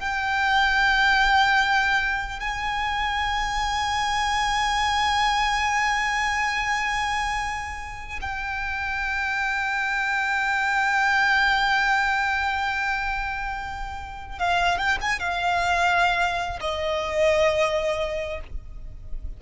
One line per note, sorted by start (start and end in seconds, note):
0.00 2.40 G5
2.40 8.20 G#5
8.21 14.39 G5
14.39 14.79 F5
14.79 14.99 G5
15.01 15.20 G#5
15.20 16.60 F5
16.61 18.41 D#5